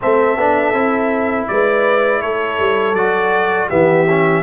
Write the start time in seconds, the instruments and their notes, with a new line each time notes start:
0.01 tuba A3, trombone C4, horn A4, trumpet E5
0.36 tuba B3, trombone D4
0.73 tuba C4, trombone E4
1.47 tuba G#3, horn B4, trumpet D5
2.21 tuba A3, horn A4, trumpet C#5
2.59 tuba G3
2.93 tuba F#3, trombone F#4, trumpet D5
3.68 tuba E3, trombone B3, horn G4, trumpet E5
4.09 trombone C#4